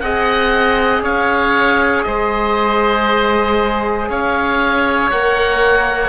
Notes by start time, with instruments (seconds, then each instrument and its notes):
0.00 cello C4, trombone G#4, oboe D#5 F#5
1.01 cello C#4, oboe C#5 F5
2.03 cello G#3, oboe C5 D#5
4.09 cello C#4, oboe C#5 F5
5.11 cello A#3, trombone A#4, oboe F#5